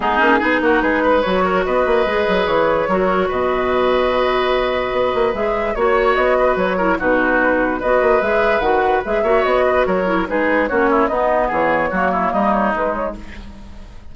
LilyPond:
<<
  \new Staff \with { instrumentName = "flute" } { \time 4/4 \tempo 4 = 146 gis'4. ais'8 b'4 cis''4 | dis''2 cis''2 | dis''1~ | dis''4 e''4 cis''4 dis''4 |
cis''4 b'2 dis''4 | e''4 fis''4 e''4 dis''4 | cis''4 b'4 cis''4 dis''4 | cis''2 dis''8 cis''8 b'8 cis''8 | }
  \new Staff \with { instrumentName = "oboe" } { \time 4/4 dis'4 gis'8 fis'8 gis'8 b'4 ais'8 | b'2. ais'4 | b'1~ | b'2 cis''4. b'8~ |
b'8 ais'8 fis'2 b'4~ | b'2~ b'8 cis''4 b'8 | ais'4 gis'4 fis'8 e'8 dis'4 | gis'4 fis'8 e'8 dis'2 | }
  \new Staff \with { instrumentName = "clarinet" } { \time 4/4 b8 cis'8 dis'2 fis'4~ | fis'4 gis'2 fis'4~ | fis'1~ | fis'4 gis'4 fis'2~ |
fis'8 e'8 dis'2 fis'4 | gis'4 fis'4 gis'8 fis'4.~ | fis'8 e'8 dis'4 cis'4 b4~ | b4 ais2 gis4 | }
  \new Staff \with { instrumentName = "bassoon" } { \time 4/4 gis8 ais8 b8 ais8 gis4 fis4 | b8 ais8 gis8 fis8 e4 fis4 | b,1 | b8 ais8 gis4 ais4 b4 |
fis4 b,2 b8 ais8 | gis4 dis4 gis8 ais8 b4 | fis4 gis4 ais4 b4 | e4 fis4 g4 gis4 | }
>>